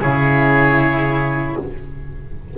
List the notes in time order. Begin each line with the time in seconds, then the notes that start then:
0.00 C#3 E4 G#4 C#5